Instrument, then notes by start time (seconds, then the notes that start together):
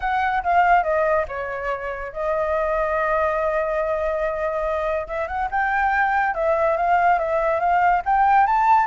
flute
0.00 F#5
0.43 F5
0.83 D#5
1.28 C#5
2.12 D#5
5.07 E5
5.27 F#5
5.50 G5
6.34 E5
6.77 F5
7.19 E5
7.59 F5
8.05 G5
8.47 A5